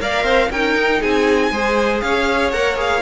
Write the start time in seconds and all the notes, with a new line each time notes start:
0.00 A#3 A#4 D5 F5
0.23 C4 C5
0.51 C#4 D#4 A#4 G5
0.75 D#4
1.01 C4 G#4 G#5
1.51 G#3 G#4 C5
2.01 C#4 C#5 F5
2.51 A#3 A#4 F#5
2.76 G#4 F5